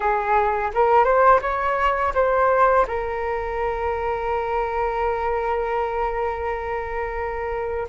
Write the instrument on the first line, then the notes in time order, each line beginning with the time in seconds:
flute
0.00 G#4
0.74 A#4
1.04 C5
1.41 C#5
2.14 C5
2.87 A#4